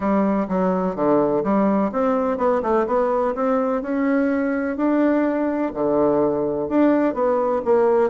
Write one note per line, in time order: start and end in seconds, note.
0.00 0.47 G3
0.48 0.95 F#3
0.95 1.43 D3
1.43 1.91 G3
1.92 2.37 C4
2.37 2.61 B3
2.62 2.86 A3
2.86 3.34 B3
3.34 3.82 C4
3.82 4.76 C#4
4.76 5.72 D4
5.74 6.69 D3
6.69 7.14 D4
7.14 7.61 B3
7.64 8.10 A#3